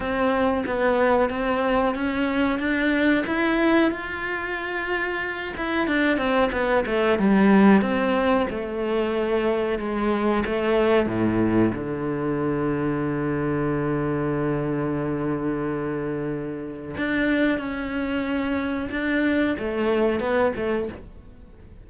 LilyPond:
\new Staff \with { instrumentName = "cello" } { \time 4/4 \tempo 4 = 92 c'4 b4 c'4 cis'4 | d'4 e'4 f'2~ | f'8 e'8 d'8 c'8 b8 a8 g4 | c'4 a2 gis4 |
a4 a,4 d2~ | d1~ | d2 d'4 cis'4~ | cis'4 d'4 a4 b8 a8 | }